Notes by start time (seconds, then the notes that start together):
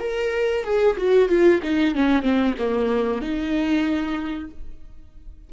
0.00 A#4
0.64 G#4
0.97 F#4
1.29 F4
1.63 D#4
1.95 C#4
2.23 C4
2.59 A#3
3.22 D#4